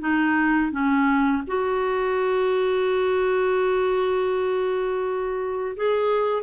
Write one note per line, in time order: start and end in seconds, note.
0.00 0.71 D#4
0.71 1.43 C#4
1.47 5.76 F#4
5.77 6.43 G#4